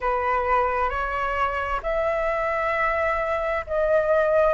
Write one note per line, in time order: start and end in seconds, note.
0.00 0.89 B4
0.89 1.80 C#5
1.83 3.64 E5
3.67 4.53 D#5